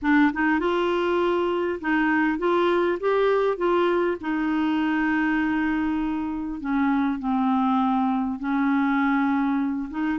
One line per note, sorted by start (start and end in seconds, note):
0.02 0.32 D4
0.33 0.59 D#4
0.59 1.79 F4
1.80 2.38 D#4
2.38 2.98 F4
3.00 3.57 G4
3.57 4.17 F4
4.20 6.60 D#4
6.60 7.19 C#4
7.19 8.39 C4
8.39 9.89 C#4
9.90 10.18 D#4